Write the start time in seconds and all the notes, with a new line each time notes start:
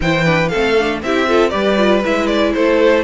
0.00 E3 E4 C5 G5
0.24 D4 B4
0.48 C4 A4 F5
0.54 A3
0.78 D4
1.02 C4 E4 G4 E5
1.28 F4 A4
1.49 G3 G4 B4 D5
1.77 F4
2.04 G#3 E4 E5
2.26 D5
2.53 A3 A4 C5